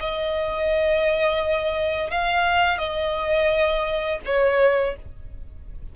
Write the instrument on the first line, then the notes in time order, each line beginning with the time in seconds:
violin
0.00 D#5
2.10 F5
2.78 D#5
4.25 C#5